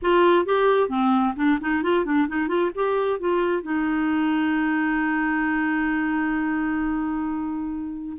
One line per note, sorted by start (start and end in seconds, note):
0.02 0.45 F4
0.45 0.89 G4
0.89 1.34 C4
1.36 1.58 D4
1.60 1.82 D#4
1.82 2.05 F4
2.05 2.27 D4
2.28 2.48 D#4
2.48 2.70 F4
2.75 3.19 G4
3.19 3.62 F4
3.62 8.17 D#4